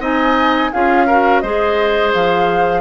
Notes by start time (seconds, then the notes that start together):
0.00 C4 D#4 D#5 G#5
0.73 C#4 F4 G#4 F5
1.07 F#4 A#4
1.40 G#3 G#4 C5 D#5
2.15 F3 F5